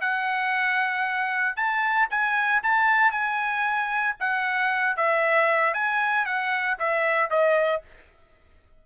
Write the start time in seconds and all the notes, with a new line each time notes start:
0.00 F#5
1.56 A5
2.10 G#5
2.63 A5
3.11 G#5
4.19 F#5
4.96 E5
5.73 G#5
6.25 F#5
6.78 E5
7.30 D#5